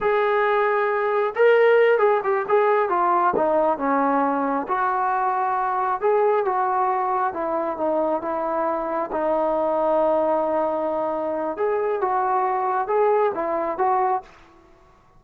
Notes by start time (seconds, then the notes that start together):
0.00 G#4
1.35 A#4
1.98 G#4
2.23 G4
2.48 G#4
2.89 F4
3.36 D#4
3.78 C#4
4.68 F#4
6.00 G#4
6.45 F#4
7.33 E4
7.77 D#4
8.21 E4
9.12 D#4
11.56 G#4
12.01 F#4
12.87 G#4
13.34 E4
13.78 F#4